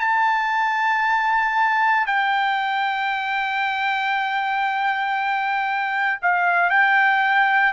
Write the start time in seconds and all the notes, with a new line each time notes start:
0.00 A5
2.06 G5
6.22 F5
6.70 G5